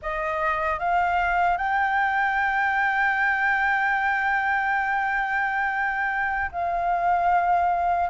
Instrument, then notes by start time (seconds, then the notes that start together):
flute
0.01 D#5
0.79 F5
1.57 G5
6.51 F5